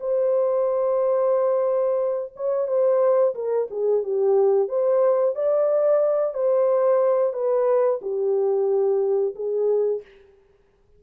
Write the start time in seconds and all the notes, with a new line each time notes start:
0.00 C5
2.36 C#5
2.68 C5
3.35 A#4
3.70 G#4
4.03 G4
4.68 C5
5.35 D5
6.34 C5
7.33 B4
8.02 G4
9.35 G#4